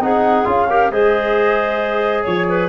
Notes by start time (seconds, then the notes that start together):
0.00 C4 D#4 G#4 F#5
0.45 C#4 F4 F5
0.69 G4 A#4
0.90 G#3 G#4 C5 D#5
2.23 F3 C#5
2.49 B4